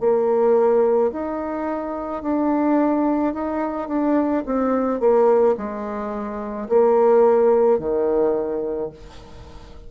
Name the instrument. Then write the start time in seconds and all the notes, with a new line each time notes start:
bassoon
0.00 A#3
1.12 D#4
2.23 D4
3.33 D#4
3.88 D4
4.45 C4
5.00 A#3
5.57 G#3
6.69 A#3
7.79 D#3